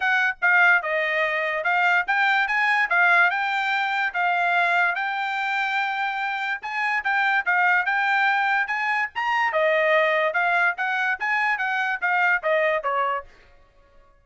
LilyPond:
\new Staff \with { instrumentName = "trumpet" } { \time 4/4 \tempo 4 = 145 fis''4 f''4 dis''2 | f''4 g''4 gis''4 f''4 | g''2 f''2 | g''1 |
gis''4 g''4 f''4 g''4~ | g''4 gis''4 ais''4 dis''4~ | dis''4 f''4 fis''4 gis''4 | fis''4 f''4 dis''4 cis''4 | }